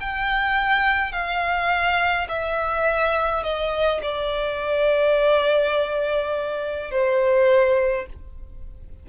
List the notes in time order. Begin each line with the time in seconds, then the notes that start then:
0.00 G5
1.12 F5
2.29 E5
3.44 D#5
4.02 D5
6.91 C5